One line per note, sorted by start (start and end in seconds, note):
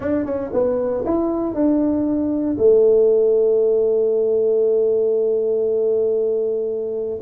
0.00 0.25 D4
0.25 0.51 C#4
0.53 1.04 B3
1.05 1.54 E4
1.54 2.56 D4
2.58 7.19 A3